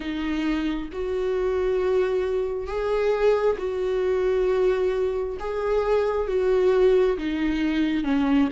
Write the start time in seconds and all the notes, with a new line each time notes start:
0.00 D#4
0.92 F#4
2.67 G#4
3.58 F#4
5.39 G#4
6.27 F#4
7.17 D#4
8.04 C#4